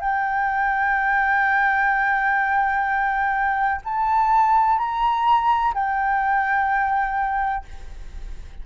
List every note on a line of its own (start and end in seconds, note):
0.00 3.81 G5
3.84 4.78 A5
4.78 5.73 A#5
5.74 7.64 G5